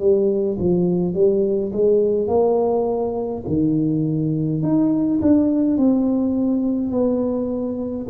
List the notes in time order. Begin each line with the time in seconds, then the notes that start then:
0.00 G3
0.59 F3
1.14 G3
1.73 G#3
2.28 A#3
3.48 D#3
4.63 D#4
5.22 D4
5.77 C4
6.92 B3